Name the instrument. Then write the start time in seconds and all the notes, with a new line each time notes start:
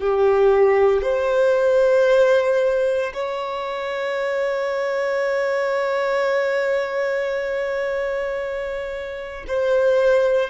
violin
0.00 G4
1.02 C5
3.14 C#5
9.48 C5